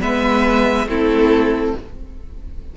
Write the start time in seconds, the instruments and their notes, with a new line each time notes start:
0.00 cello G#3, viola B3, violin B4 E5
0.86 cello A3, viola C4, violin E4 A4